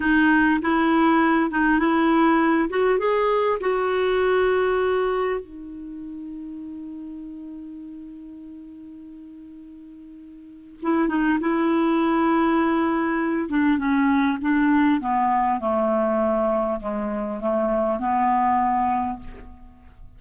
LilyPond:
\new Staff \with { instrumentName = "clarinet" } { \time 4/4 \tempo 4 = 100 dis'4 e'4. dis'8 e'4~ | e'8 fis'8 gis'4 fis'2~ | fis'4 dis'2.~ | dis'1~ |
dis'2 e'8 dis'8 e'4~ | e'2~ e'8 d'8 cis'4 | d'4 b4 a2 | gis4 a4 b2 | }